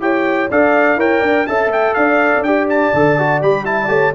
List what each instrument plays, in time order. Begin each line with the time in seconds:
0.00 tuba E4, trombone G4, horn C#5, trumpet G5
0.51 tuba D4, trombone A4, horn D5, trumpet F5
0.96 tuba E4, trombone A#4, horn C#5, trumpet G5
1.20 tuba D4, horn D5
1.47 tuba C#4, trombone A4, horn E5, trumpet A5
1.67 tuba A3, trumpet G5
1.94 tuba D4, horn D5, trumpet F5
2.36 tuba C#4 D4
2.43 trombone G4, trumpet G5
2.69 trumpet A5
2.94 tuba D3, trombone A4
3.19 trombone F#4
3.41 tuba G3, trombone G4, trumpet B5
3.65 trombone E4, horn E5, trumpet A5
3.82 trombone G4, horn D5
3.89 tuba A3, horn C#5